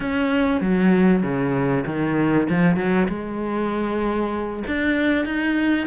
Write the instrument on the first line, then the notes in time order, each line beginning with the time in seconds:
cello
0.00 C#4
0.60 F#3
1.22 C#3
1.86 D#3
2.49 F3
2.76 F#3
3.08 G#3
4.67 D4
5.25 D#4